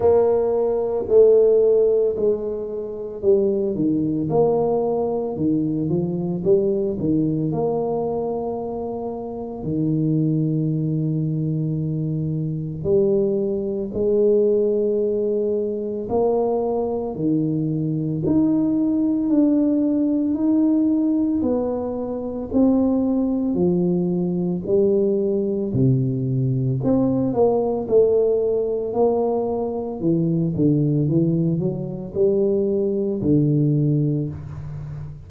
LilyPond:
\new Staff \with { instrumentName = "tuba" } { \time 4/4 \tempo 4 = 56 ais4 a4 gis4 g8 dis8 | ais4 dis8 f8 g8 dis8 ais4~ | ais4 dis2. | g4 gis2 ais4 |
dis4 dis'4 d'4 dis'4 | b4 c'4 f4 g4 | c4 c'8 ais8 a4 ais4 | e8 d8 e8 fis8 g4 d4 | }